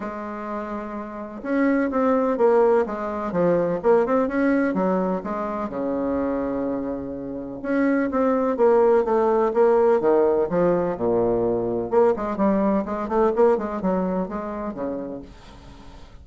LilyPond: \new Staff \with { instrumentName = "bassoon" } { \time 4/4 \tempo 4 = 126 gis2. cis'4 | c'4 ais4 gis4 f4 | ais8 c'8 cis'4 fis4 gis4 | cis1 |
cis'4 c'4 ais4 a4 | ais4 dis4 f4 ais,4~ | ais,4 ais8 gis8 g4 gis8 a8 | ais8 gis8 fis4 gis4 cis4 | }